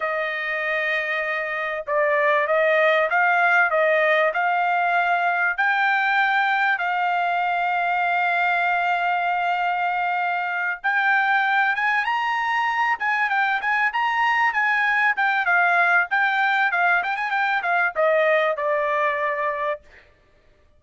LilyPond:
\new Staff \with { instrumentName = "trumpet" } { \time 4/4 \tempo 4 = 97 dis''2. d''4 | dis''4 f''4 dis''4 f''4~ | f''4 g''2 f''4~ | f''1~ |
f''4. g''4. gis''8 ais''8~ | ais''4 gis''8 g''8 gis''8 ais''4 gis''8~ | gis''8 g''8 f''4 g''4 f''8 g''16 gis''16 | g''8 f''8 dis''4 d''2 | }